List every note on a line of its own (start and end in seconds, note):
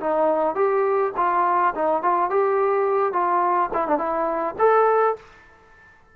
0.00 0.55 D#4
0.55 1.12 G4
1.17 1.74 F4
1.75 2.02 D#4
2.02 2.30 F4
2.30 3.13 G4
3.13 3.70 F4
3.74 3.88 E4
3.88 3.98 D4
3.98 4.55 E4
4.59 5.16 A4